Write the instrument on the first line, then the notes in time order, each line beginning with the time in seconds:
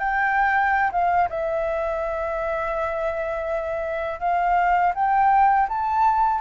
flute
0.00 G5
0.92 F5
1.30 E5
4.20 F5
4.95 G5
5.69 A5